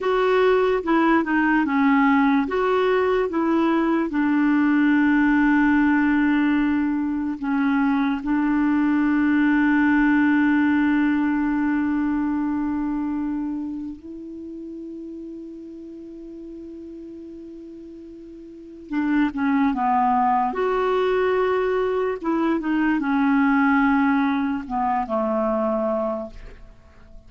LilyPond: \new Staff \with { instrumentName = "clarinet" } { \time 4/4 \tempo 4 = 73 fis'4 e'8 dis'8 cis'4 fis'4 | e'4 d'2.~ | d'4 cis'4 d'2~ | d'1~ |
d'4 e'2.~ | e'2. d'8 cis'8 | b4 fis'2 e'8 dis'8 | cis'2 b8 a4. | }